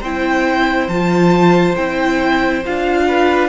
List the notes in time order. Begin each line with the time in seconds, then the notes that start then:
0.00 C4 E4 C5 G5
0.88 F3 F4 A5
1.76 C4 E4 G5
2.65 D4 F4 F5
3.08 B4